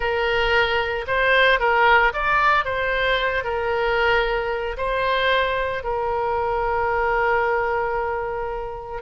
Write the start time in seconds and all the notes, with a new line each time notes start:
0.00 A#4
1.07 C5
1.59 A#4
2.13 D5
2.64 C5
3.44 A#4
4.77 C5
5.83 A#4